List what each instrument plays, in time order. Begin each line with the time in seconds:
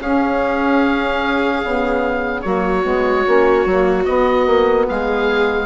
0.00 bassoon C#4, saxophone C#4, viola G#4, oboe F5
1.64 bassoon C#3, saxophone B3
2.42 bassoon F#3, saxophone A#3, viola F#4, oboe C#5
2.83 bassoon G#3, saxophone B3
3.26 bassoon A#3, saxophone C#4
3.66 bassoon F#3, saxophone A#3
4.05 saxophone B3, bassoon B3, oboe D#5
4.47 bassoon A#3
4.89 bassoon G#3, viola G#4, oboe F5